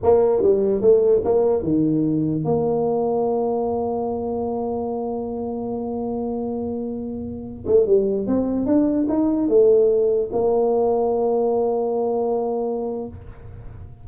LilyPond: \new Staff \with { instrumentName = "tuba" } { \time 4/4 \tempo 4 = 147 ais4 g4 a4 ais4 | dis2 ais2~ | ais1~ | ais1~ |
ais2~ ais8. a8 g8.~ | g16 c'4 d'4 dis'4 a8.~ | a4~ a16 ais2~ ais8.~ | ais1 | }